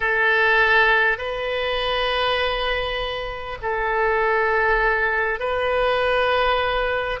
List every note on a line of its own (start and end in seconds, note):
0.00 1.18 A4
1.18 3.58 B4
3.62 5.39 A4
5.39 7.19 B4